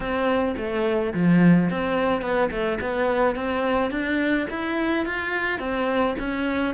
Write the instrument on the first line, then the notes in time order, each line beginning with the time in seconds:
cello
0.00 C4
0.57 A3
1.13 F3
1.70 C4
2.21 B3
2.50 A3
2.80 B3
3.35 C4
3.90 D4
4.50 E4
5.05 F4
5.59 C4
6.19 C#4